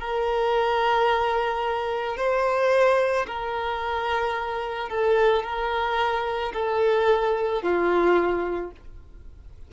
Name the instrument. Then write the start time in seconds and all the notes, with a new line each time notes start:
violin
0.00 A#4
2.17 C5
3.27 A#4
4.89 A4
5.43 A#4
6.53 A4
7.62 F4